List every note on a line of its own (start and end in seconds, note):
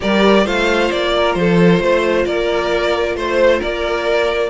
0.00 0.45 G3
0.00 0.44 G4
0.00 0.44 A#4
0.00 0.46 D5
0.44 0.90 A3
0.44 4.50 F4
0.44 1.12 C5
0.44 0.91 F5
0.91 1.35 A#3
0.91 1.33 D5
1.16 1.38 A#4
1.33 1.80 F3
1.33 2.23 C5
1.39 1.82 A4
1.80 2.25 A3
1.80 2.26 C5
2.25 3.15 A#3
2.25 3.16 A#4
2.25 3.16 D5
3.15 3.60 A3
3.15 3.59 C5
3.15 3.61 C5
3.59 4.50 A#3
3.59 4.49 A#4
3.59 4.50 D5